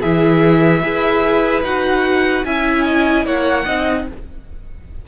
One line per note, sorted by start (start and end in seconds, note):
0.00 0.83 E3
0.00 0.82 E4
0.00 0.81 G#4
0.00 1.64 E5
0.82 1.63 E4
0.82 1.63 G#4
0.82 2.46 B4
1.63 2.44 D#4
1.63 2.46 F#4
1.63 2.45 F#5
2.45 3.25 C#4
2.45 3.67 E4
2.45 2.85 E5
2.45 3.26 G#5
2.85 3.26 D#5
3.25 3.65 A#3
3.25 3.65 C#5
3.25 4.07 F#5
3.65 4.07 C4
3.65 4.07 D#4
3.65 4.06 D#5